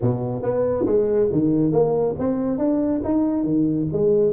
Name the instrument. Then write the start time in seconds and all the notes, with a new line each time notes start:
tuba
0.01 B2
0.42 B3
0.86 G#3
1.32 D#3
1.71 A#3
2.18 C4
2.58 D4
3.03 D#4
3.43 D#3
3.92 G#3